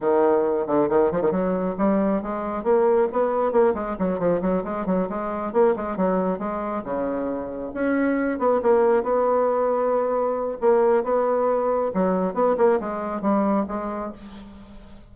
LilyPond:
\new Staff \with { instrumentName = "bassoon" } { \time 4/4 \tempo 4 = 136 dis4. d8 dis8 f16 dis16 fis4 | g4 gis4 ais4 b4 | ais8 gis8 fis8 f8 fis8 gis8 fis8 gis8~ | gis8 ais8 gis8 fis4 gis4 cis8~ |
cis4. cis'4. b8 ais8~ | ais8 b2.~ b8 | ais4 b2 fis4 | b8 ais8 gis4 g4 gis4 | }